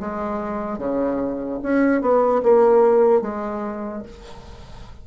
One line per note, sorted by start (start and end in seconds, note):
0.00 0.79 G#3
0.79 1.60 C#3
1.63 2.02 C#4
2.02 2.42 B3
2.43 3.22 A#3
3.22 4.03 G#3